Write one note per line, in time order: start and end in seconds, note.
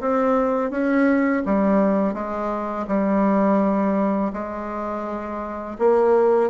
0.00 0.70 C4
0.70 1.43 C#4
1.45 2.14 G3
2.14 2.86 G#3
2.88 4.32 G3
4.33 5.78 G#3
5.78 6.50 A#3